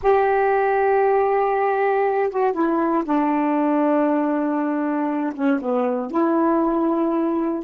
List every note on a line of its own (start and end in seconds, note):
0.02 2.30 G4
2.30 2.53 F#4
2.53 3.03 E4
3.04 5.33 D4
5.34 5.60 C#4
5.61 6.10 B3
6.10 7.63 E4